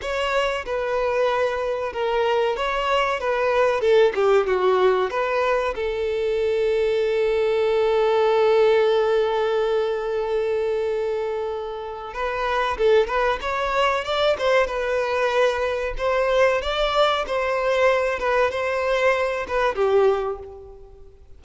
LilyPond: \new Staff \with { instrumentName = "violin" } { \time 4/4 \tempo 4 = 94 cis''4 b'2 ais'4 | cis''4 b'4 a'8 g'8 fis'4 | b'4 a'2.~ | a'1~ |
a'2. b'4 | a'8 b'8 cis''4 d''8 c''8 b'4~ | b'4 c''4 d''4 c''4~ | c''8 b'8 c''4. b'8 g'4 | }